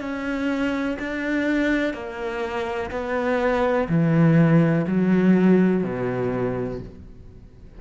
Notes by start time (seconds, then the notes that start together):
0.00 C#4
0.99 D4
1.93 A#3
2.90 B3
3.88 E3
4.87 F#3
5.83 B2